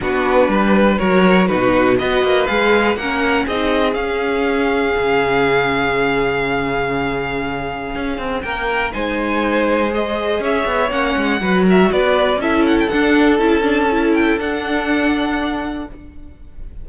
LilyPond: <<
  \new Staff \with { instrumentName = "violin" } { \time 4/4 \tempo 4 = 121 b'2 cis''4 b'4 | dis''4 f''4 fis''4 dis''4 | f''1~ | f''1~ |
f''4 g''4 gis''2 | dis''4 e''4 fis''4. e''8 | d''4 e''8 fis''16 g''16 fis''4 a''4~ | a''8 g''8 fis''2. | }
  \new Staff \with { instrumentName = "violin" } { \time 4/4 fis'4 b'4 ais'4 fis'4 | b'2 ais'4 gis'4~ | gis'1~ | gis'1~ |
gis'4 ais'4 c''2~ | c''4 cis''2 b'8 ais'8 | b'4 a'2.~ | a'1 | }
  \new Staff \with { instrumentName = "viola" } { \time 4/4 d'2 fis'4 dis'4 | fis'4 gis'4 cis'4 dis'4 | cis'1~ | cis'1~ |
cis'2 dis'2 | gis'2 cis'4 fis'4~ | fis'4 e'4 d'4 e'8 d'8 | e'4 d'2. | }
  \new Staff \with { instrumentName = "cello" } { \time 4/4 b4 g4 fis4 b,4 | b8 ais8 gis4 ais4 c'4 | cis'2 cis2~ | cis1 |
cis'8 c'8 ais4 gis2~ | gis4 cis'8 b8 ais8 gis8 fis4 | b4 cis'4 d'4 cis'4~ | cis'4 d'2. | }
>>